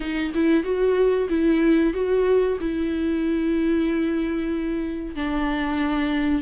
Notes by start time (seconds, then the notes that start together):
0.00 D#4
0.34 E4
0.63 F#4
1.29 E4
1.93 F#4
2.60 E4
5.15 D4